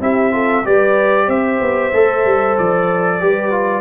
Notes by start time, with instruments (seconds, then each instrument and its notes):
0.00 tuba C4, trombone E4, horn G4, trumpet E5
0.31 trombone F4, horn A4
0.64 tuba G3, trombone G4, horn B4, trumpet D5
1.26 tuba C4, horn C5, trumpet E5
1.61 tuba B3
1.93 tuba A3, trombone A4
2.25 tuba G3
2.57 tuba F3, trumpet D5
3.20 tuba G3, trombone G4, horn B4
3.51 trombone F4